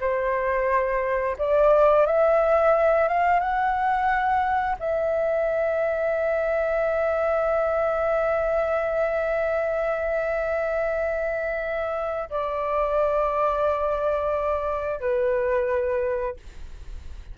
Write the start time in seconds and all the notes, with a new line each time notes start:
0.00 C5
1.38 D5
2.06 E5
3.08 F5
3.40 F#5
4.79 E5
12.30 D5
15.00 B4